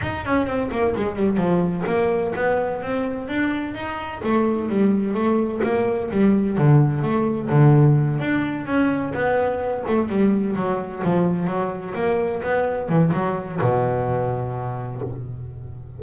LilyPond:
\new Staff \with { instrumentName = "double bass" } { \time 4/4 \tempo 4 = 128 dis'8 cis'8 c'8 ais8 gis8 g8 f4 | ais4 b4 c'4 d'4 | dis'4 a4 g4 a4 | ais4 g4 d4 a4 |
d4. d'4 cis'4 b8~ | b4 a8 g4 fis4 f8~ | f8 fis4 ais4 b4 e8 | fis4 b,2. | }